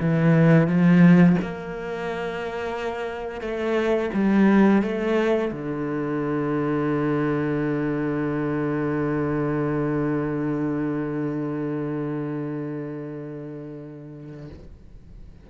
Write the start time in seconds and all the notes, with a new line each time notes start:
0.00 E3
0.67 F3
1.42 A#3
3.41 A3
4.14 G3
4.82 A3
5.52 D3